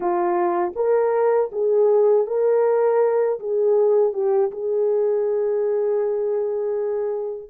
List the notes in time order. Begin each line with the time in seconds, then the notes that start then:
0.00 F4
0.75 A#4
1.52 G#4
2.26 A#4
3.39 G#4
4.13 G4
4.51 G#4